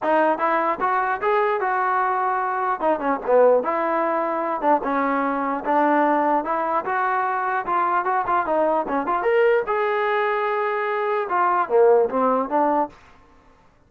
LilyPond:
\new Staff \with { instrumentName = "trombone" } { \time 4/4 \tempo 4 = 149 dis'4 e'4 fis'4 gis'4 | fis'2. dis'8 cis'8 | b4 e'2~ e'8 d'8 | cis'2 d'2 |
e'4 fis'2 f'4 | fis'8 f'8 dis'4 cis'8 f'8 ais'4 | gis'1 | f'4 ais4 c'4 d'4 | }